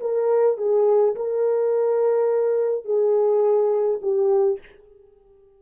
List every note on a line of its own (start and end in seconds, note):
0.00 0.57 A#4
0.57 1.15 G#4
1.15 2.84 A#4
2.84 4.00 G#4
4.02 4.59 G4